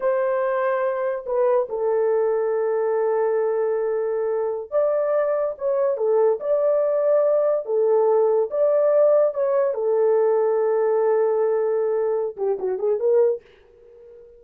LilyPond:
\new Staff \with { instrumentName = "horn" } { \time 4/4 \tempo 4 = 143 c''2. b'4 | a'1~ | a'2.~ a'16 d''8.~ | d''4~ d''16 cis''4 a'4 d''8.~ |
d''2~ d''16 a'4.~ a'16~ | a'16 d''2 cis''4 a'8.~ | a'1~ | a'4. g'8 fis'8 gis'8 ais'4 | }